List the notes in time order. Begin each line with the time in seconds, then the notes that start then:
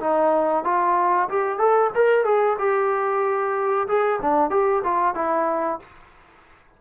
0.00 D#4
0.65 F4
1.30 G4
1.59 A4
1.95 A#4
2.25 G#4
2.59 G4
3.88 G#4
4.22 D4
4.51 G4
4.84 F4
5.15 E4